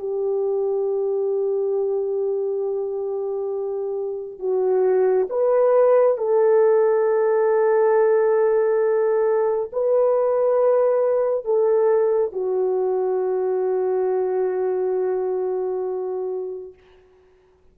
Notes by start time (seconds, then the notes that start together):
0.00 G4
4.40 F#4
5.30 B4
6.18 A4
9.73 B4
11.45 A4
12.33 F#4